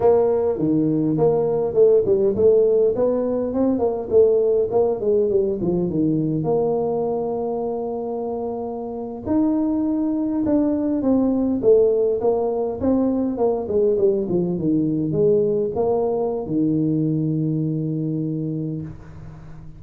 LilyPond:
\new Staff \with { instrumentName = "tuba" } { \time 4/4 \tempo 4 = 102 ais4 dis4 ais4 a8 g8 | a4 b4 c'8 ais8 a4 | ais8 gis8 g8 f8 dis4 ais4~ | ais2.~ ais8. dis'16~ |
dis'4.~ dis'16 d'4 c'4 a16~ | a8. ais4 c'4 ais8 gis8 g16~ | g16 f8 dis4 gis4 ais4~ ais16 | dis1 | }